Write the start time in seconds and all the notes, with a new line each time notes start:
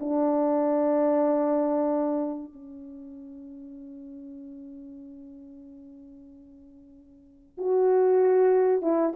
0.00 D4
2.52 C#4
7.58 F#4
8.82 E4